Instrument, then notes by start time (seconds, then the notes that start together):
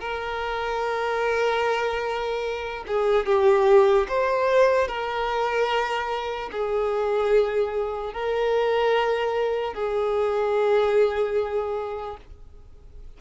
violin
0.00 A#4
2.87 G#4
3.26 G4
4.08 C5
4.88 A#4
6.52 G#4
8.13 A#4
9.74 G#4